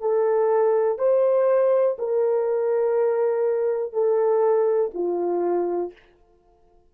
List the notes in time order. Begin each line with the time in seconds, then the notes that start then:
0.00 A4
0.98 C5
1.98 A#4
3.92 A4
4.94 F4